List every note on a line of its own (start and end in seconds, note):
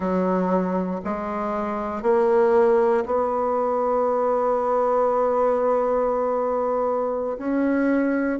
0.00 1.00 F#3
1.04 2.02 G#3
2.02 3.04 A#3
3.05 7.37 B3
7.37 8.39 C#4